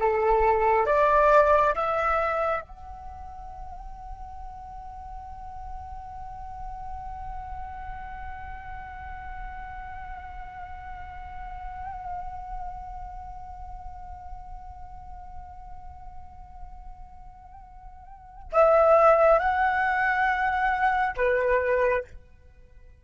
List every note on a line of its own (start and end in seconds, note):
0.00 0.86 A4
0.86 1.74 D5
1.75 2.61 E5
2.61 18.50 F#5
18.53 19.39 E5
19.39 21.16 F#5
21.16 22.04 B4